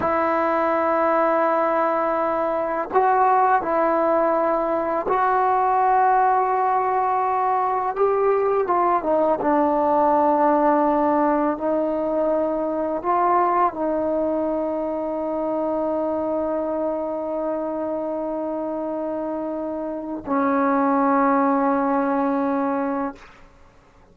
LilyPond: \new Staff \with { instrumentName = "trombone" } { \time 4/4 \tempo 4 = 83 e'1 | fis'4 e'2 fis'4~ | fis'2. g'4 | f'8 dis'8 d'2. |
dis'2 f'4 dis'4~ | dis'1~ | dis'1 | cis'1 | }